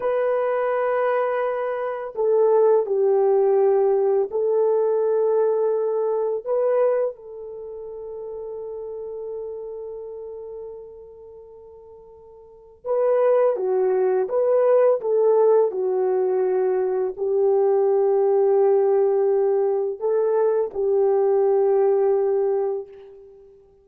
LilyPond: \new Staff \with { instrumentName = "horn" } { \time 4/4 \tempo 4 = 84 b'2. a'4 | g'2 a'2~ | a'4 b'4 a'2~ | a'1~ |
a'2 b'4 fis'4 | b'4 a'4 fis'2 | g'1 | a'4 g'2. | }